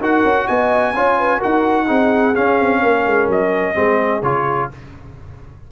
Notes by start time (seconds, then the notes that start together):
0.00 D#4 F#4 A#4 F#5
0.24 C#4
0.47 B3 D#5 G#5
0.94 C#4 F4 C#5
1.18 B4
1.38 F#4 A#4 F#5
1.45 D#4
1.87 C4 D#4 G#4
2.35 C#4 F5
2.60 C4
2.82 A#3 A#4
3.07 G#3
3.28 F#3 D#5
3.74 G#3 C4 G#4
4.22 C#3 F4 C#5